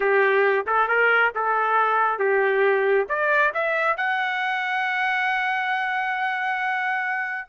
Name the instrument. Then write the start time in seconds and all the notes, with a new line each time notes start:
trumpet
0.00 G4
0.66 A4
0.88 A#4
1.34 A4
2.18 G4
3.08 D5
3.54 E5
3.96 F#5